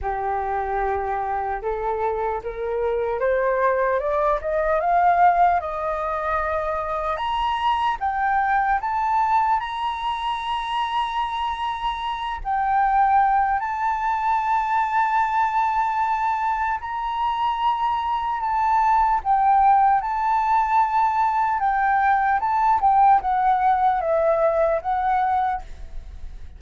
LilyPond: \new Staff \with { instrumentName = "flute" } { \time 4/4 \tempo 4 = 75 g'2 a'4 ais'4 | c''4 d''8 dis''8 f''4 dis''4~ | dis''4 ais''4 g''4 a''4 | ais''2.~ ais''8 g''8~ |
g''4 a''2.~ | a''4 ais''2 a''4 | g''4 a''2 g''4 | a''8 g''8 fis''4 e''4 fis''4 | }